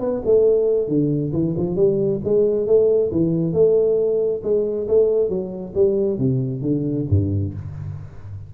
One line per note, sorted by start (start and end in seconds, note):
0.00 0.22 B3
0.25 0.88 A3
0.88 1.33 D3
1.33 1.55 E3
1.57 1.76 F3
1.76 2.20 G3
2.24 2.67 G#3
2.67 3.11 A3
3.12 3.53 E3
3.53 4.41 A3
4.44 4.88 G#3
4.88 5.29 A3
5.29 5.73 F#3
5.75 6.18 G3
6.18 6.62 C3
6.62 7.06 D3
7.10 7.54 G2